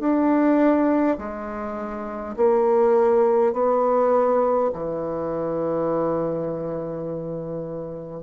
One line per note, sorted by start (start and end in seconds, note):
0.00 1.18 D4
1.18 2.36 G#3
2.36 3.53 A#3
3.53 4.71 B3
4.73 8.22 E3